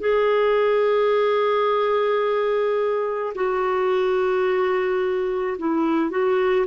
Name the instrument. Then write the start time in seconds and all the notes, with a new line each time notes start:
clarinet
0.00 G#4
3.35 F#4
5.59 E4
6.10 F#4